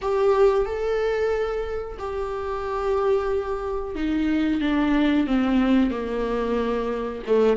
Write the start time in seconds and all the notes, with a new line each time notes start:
0.01 G4
0.65 A4
1.98 G4
3.95 D#4
4.60 D4
5.27 C4
5.90 A#3
7.26 A3